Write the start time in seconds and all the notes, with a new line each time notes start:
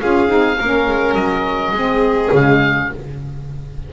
0.00 C#4 F4 G#4 F5
0.27 C4 D#4
0.58 A#3 C#4 A#4
0.88 G#3
1.14 F#3 D#5
1.71 G#3 C4 G#4
2.31 C#3 G#3 F5